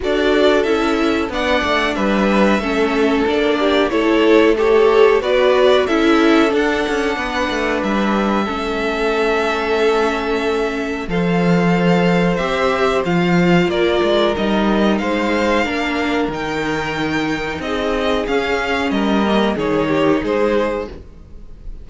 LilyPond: <<
  \new Staff \with { instrumentName = "violin" } { \time 4/4 \tempo 4 = 92 d''4 e''4 fis''4 e''4~ | e''4 d''4 cis''4 a'4 | d''4 e''4 fis''2 | e''1~ |
e''4 f''2 e''4 | f''4 d''4 dis''4 f''4~ | f''4 g''2 dis''4 | f''4 dis''4 cis''4 c''4 | }
  \new Staff \with { instrumentName = "violin" } { \time 4/4 a'2 d''4 b'4 | a'4. g'8 a'4 cis''4 | b'4 a'2 b'4~ | b'4 a'2.~ |
a'4 c''2.~ | c''4 ais'2 c''4 | ais'2. gis'4~ | gis'4 ais'4 gis'8 g'8 gis'4 | }
  \new Staff \with { instrumentName = "viola" } { \time 4/4 fis'4 e'4 d'2 | cis'4 d'4 e'4 g'4 | fis'4 e'4 d'2~ | d'4 cis'2.~ |
cis'4 a'2 g'4 | f'2 dis'2 | d'4 dis'2. | cis'4. ais8 dis'2 | }
  \new Staff \with { instrumentName = "cello" } { \time 4/4 d'4 cis'4 b8 a8 g4 | a4 ais4 a2 | b4 cis'4 d'8 cis'8 b8 a8 | g4 a2.~ |
a4 f2 c'4 | f4 ais8 gis8 g4 gis4 | ais4 dis2 c'4 | cis'4 g4 dis4 gis4 | }
>>